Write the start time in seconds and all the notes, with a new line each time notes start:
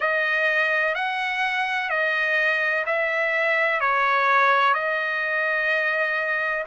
0.00 D#5
0.94 F#5
1.89 D#5
2.86 E5
3.80 C#5
4.74 D#5